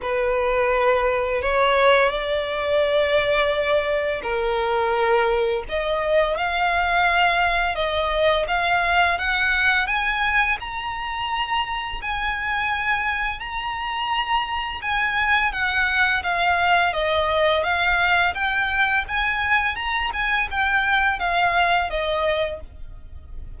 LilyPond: \new Staff \with { instrumentName = "violin" } { \time 4/4 \tempo 4 = 85 b'2 cis''4 d''4~ | d''2 ais'2 | dis''4 f''2 dis''4 | f''4 fis''4 gis''4 ais''4~ |
ais''4 gis''2 ais''4~ | ais''4 gis''4 fis''4 f''4 | dis''4 f''4 g''4 gis''4 | ais''8 gis''8 g''4 f''4 dis''4 | }